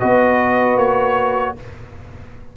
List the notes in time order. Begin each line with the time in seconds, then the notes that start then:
0.00 B3 F#4 B4 D#5
0.76 A#3 C#5